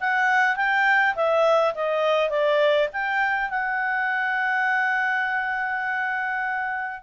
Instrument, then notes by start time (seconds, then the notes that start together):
clarinet
0.00 F#5
0.56 G5
1.15 E5
1.74 D#5
2.30 D5
2.93 G5
3.50 F#5